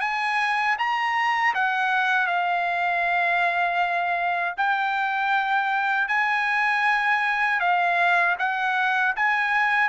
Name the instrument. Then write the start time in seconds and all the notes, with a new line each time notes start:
trumpet
0.00 G#5
0.78 A#5
1.54 F#5
2.26 F5
4.57 G5
6.08 G#5
7.60 F5
8.39 F#5
9.16 G#5